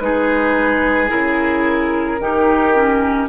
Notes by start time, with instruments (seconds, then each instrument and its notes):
0.00 bassoon G#3, clarinet D#4, oboe G#4, flute B4
1.09 bassoon C#3, clarinet E4, flute A#4
2.20 bassoon D#3, clarinet D#4, oboe G4
2.75 clarinet C#4